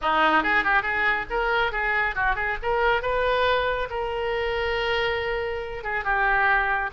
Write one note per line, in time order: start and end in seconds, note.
0.01 0.43 D#4
0.43 0.64 G#4
0.64 0.82 G4
0.82 1.25 G#4
1.30 1.72 A#4
1.72 2.15 G#4
2.15 2.35 F#4
2.35 2.57 G#4
2.62 3.02 A#4
3.02 3.88 B4
3.89 5.83 A#4
5.83 6.04 G#4
6.04 6.90 G4